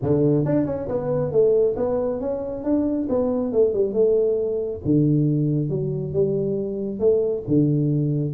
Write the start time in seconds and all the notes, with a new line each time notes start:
0.02 D3
0.45 D4
0.66 C#4
0.88 B3
1.31 A3
1.76 B3
2.20 C#4
2.64 D4
3.09 B3
3.52 A3
3.73 G3
3.93 A3
4.84 D3
5.69 F#3
6.13 G3
6.99 A3
7.47 D3